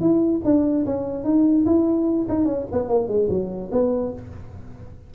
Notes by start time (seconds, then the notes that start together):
0.00 E4
0.44 D4
0.85 C#4
1.24 D#4
1.65 E4
2.29 D#4
2.45 C#4
2.72 B3
2.88 A#3
3.08 G#3
3.29 F#3
3.71 B3